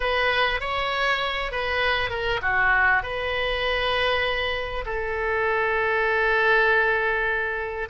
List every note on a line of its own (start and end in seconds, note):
0.00 0.60 B4
0.60 1.51 C#5
1.51 2.09 B4
2.09 2.40 A#4
2.42 3.02 F#4
3.02 4.84 B4
4.85 7.88 A4